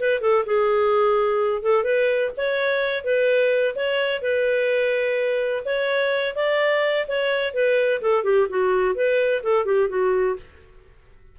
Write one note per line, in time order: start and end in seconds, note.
0.00 0.21 B4
0.21 0.45 A4
0.46 1.63 G#4
1.63 1.84 A4
1.84 2.31 B4
2.38 3.05 C#5
3.05 3.75 B4
3.76 4.22 C#5
4.22 5.64 B4
5.66 6.36 C#5
6.36 7.07 D5
7.08 7.54 C#5
7.54 8.01 B4
8.02 8.24 A4
8.24 8.48 G4
8.50 8.95 F#4
8.95 9.43 B4
9.44 9.66 A4
9.66 9.89 G4
9.89 10.37 F#4